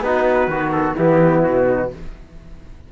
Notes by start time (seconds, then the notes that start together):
0.00 B3 D#4 F#4 B4
0.47 D#3 B3 F#4
0.71 A4
0.96 E3 B3 E4 G4
1.43 B2 F#4
1.66 D#4